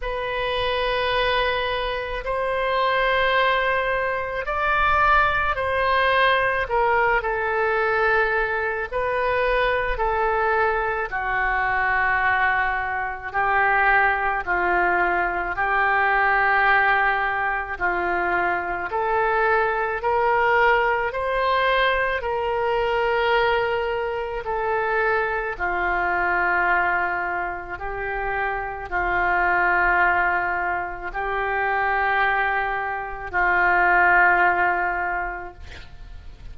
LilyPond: \new Staff \with { instrumentName = "oboe" } { \time 4/4 \tempo 4 = 54 b'2 c''2 | d''4 c''4 ais'8 a'4. | b'4 a'4 fis'2 | g'4 f'4 g'2 |
f'4 a'4 ais'4 c''4 | ais'2 a'4 f'4~ | f'4 g'4 f'2 | g'2 f'2 | }